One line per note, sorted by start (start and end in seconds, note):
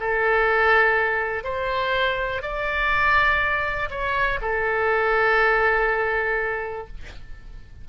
0.00 1.44 A4
1.44 2.43 C5
2.43 3.90 D5
3.91 4.40 C#5
4.42 6.88 A4